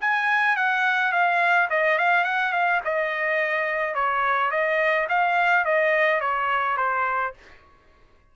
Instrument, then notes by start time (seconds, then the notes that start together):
trumpet
0.00 G#5
0.56 F#5
1.12 F5
1.69 D#5
1.98 F5
2.24 F#5
2.52 F5
2.84 D#5
3.94 C#5
4.51 D#5
5.09 F5
5.65 D#5
6.20 C#5
6.77 C5